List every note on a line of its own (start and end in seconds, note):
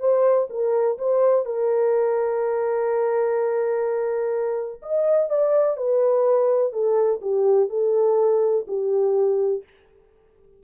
0.00 0.48 C5
0.50 0.98 A#4
0.98 1.45 C5
1.45 4.81 A#4
4.82 5.29 D#5
5.29 5.77 D5
5.77 6.72 B4
6.72 7.20 A4
7.21 7.69 G4
7.70 8.66 A4
8.67 9.63 G4